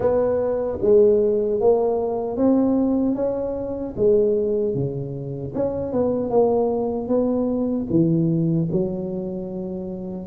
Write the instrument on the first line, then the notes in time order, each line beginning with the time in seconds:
tuba
0.00 B3
0.81 G#3
1.60 A#3
2.36 C4
3.15 C#4
3.96 G#3
4.74 C#3
5.54 C#4
5.92 B3
6.29 A#3
7.08 B3
7.89 E3
8.72 F#3